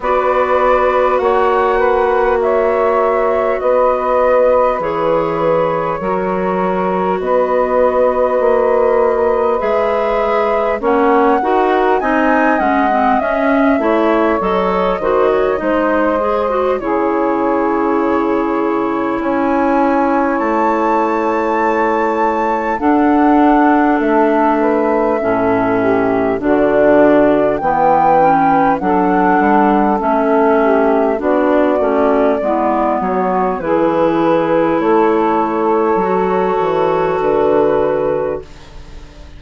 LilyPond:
<<
  \new Staff \with { instrumentName = "flute" } { \time 4/4 \tempo 4 = 50 d''4 fis''4 e''4 dis''4 | cis''2 dis''2 | e''4 fis''4 gis''8 fis''8 e''4 | dis''2 cis''2 |
gis''4 a''2 fis''4 | e''2 d''4 g''4 | fis''4 e''4 d''4. cis''8 | b'4 cis''2 b'4 | }
  \new Staff \with { instrumentName = "saxophone" } { \time 4/4 b'4 cis''8 b'8 cis''4 b'4~ | b'4 ais'4 b'2~ | b'4 cis''8 ais'8 dis''4. cis''8~ | cis''8 c''16 cis''16 c''4 gis'2 |
cis''2. a'4~ | a'8 b'8 a'8 g'8 fis'4 b'4 | a'4. g'8 fis'4 e'8 fis'8 | gis'4 a'2. | }
  \new Staff \with { instrumentName = "clarinet" } { \time 4/4 fis'1 | gis'4 fis'2. | gis'4 cis'8 fis'8 dis'8 cis'16 c'16 cis'8 e'8 | a'8 fis'8 dis'8 gis'16 fis'16 e'2~ |
e'2. d'4~ | d'4 cis'4 d'4 b8 cis'8 | d'4 cis'4 d'8 cis'8 b4 | e'2 fis'2 | }
  \new Staff \with { instrumentName = "bassoon" } { \time 4/4 b4 ais2 b4 | e4 fis4 b4 ais4 | gis4 ais8 dis'8 c'8 gis8 cis'8 a8 | fis8 dis8 gis4 cis2 |
cis'4 a2 d'4 | a4 a,4 d4 e4 | fis8 g8 a4 b8 a8 gis8 fis8 | e4 a4 fis8 e8 d4 | }
>>